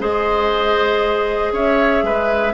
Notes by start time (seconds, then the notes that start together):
0.00 G#3 G#4 C5 D#5
1.52 C#4 C#5 E5
2.02 G#3 B4